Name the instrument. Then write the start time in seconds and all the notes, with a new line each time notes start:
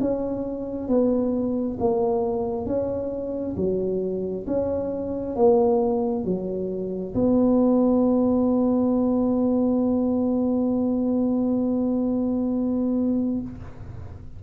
tuba
0.00 C#4
0.88 B3
1.80 A#3
2.65 C#4
3.56 F#3
4.46 C#4
5.35 A#3
6.24 F#3
7.14 B3